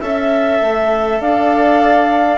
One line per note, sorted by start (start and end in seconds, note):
0.00 0.60 C#4
0.00 2.38 A4
0.00 1.20 E5
0.00 1.21 E5
0.61 1.20 A3
1.20 2.38 D4
1.20 2.38 D5
1.20 2.38 F5